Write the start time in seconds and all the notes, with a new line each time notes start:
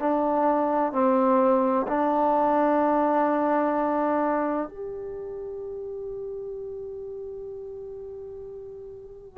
0.00 D4
0.92 C4
1.88 D4
4.69 G4